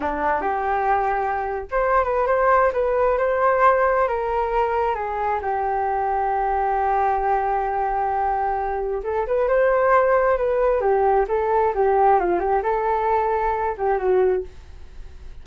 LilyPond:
\new Staff \with { instrumentName = "flute" } { \time 4/4 \tempo 4 = 133 d'4 g'2~ g'8. c''16~ | c''8 b'8 c''4 b'4 c''4~ | c''4 ais'2 gis'4 | g'1~ |
g'1 | a'8 b'8 c''2 b'4 | g'4 a'4 g'4 f'8 g'8 | a'2~ a'8 g'8 fis'4 | }